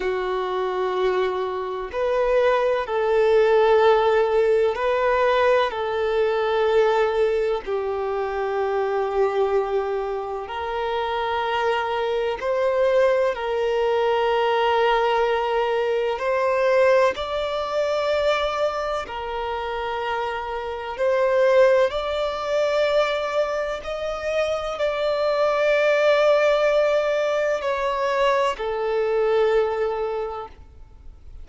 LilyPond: \new Staff \with { instrumentName = "violin" } { \time 4/4 \tempo 4 = 63 fis'2 b'4 a'4~ | a'4 b'4 a'2 | g'2. ais'4~ | ais'4 c''4 ais'2~ |
ais'4 c''4 d''2 | ais'2 c''4 d''4~ | d''4 dis''4 d''2~ | d''4 cis''4 a'2 | }